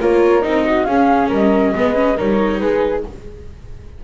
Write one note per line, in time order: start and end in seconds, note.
0.00 0.43 A#3
0.00 0.41 F4
0.00 0.65 A#4
0.00 0.42 C#5
0.41 0.86 C4
0.41 0.85 D#4
0.41 0.84 D#5
0.65 0.86 F#4
0.84 1.29 C#4
0.84 1.75 C#4
0.84 1.28 G#4
0.84 1.27 F5
1.28 1.73 G3
1.28 1.72 A#4
1.28 2.18 D#5
1.75 2.18 G#3
1.75 1.94 B3
1.75 2.16 B4
1.94 2.16 C#4
2.16 2.60 G3
2.16 3.04 D#4
2.16 2.59 A#4
2.16 2.59 C#5
2.59 3.03 G#3
2.59 3.04 G#4
2.59 3.03 B4